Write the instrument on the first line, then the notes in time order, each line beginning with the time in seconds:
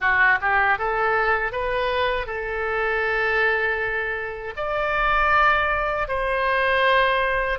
oboe
0.00 F#4
0.41 G4
0.78 A4
1.52 B4
2.26 A4
4.56 D5
6.08 C5